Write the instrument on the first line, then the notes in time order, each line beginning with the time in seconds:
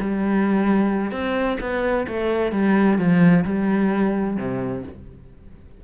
cello
0.00 G3
1.11 C4
1.60 B3
2.07 A3
2.52 G3
2.98 F3
3.44 G3
4.37 C3